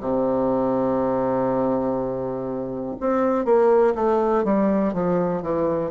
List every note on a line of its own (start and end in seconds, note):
0.00 2.95 C3
3.00 3.45 C4
3.45 3.94 A#3
3.95 4.44 A3
4.44 4.93 G3
4.93 5.42 F3
5.42 5.91 E3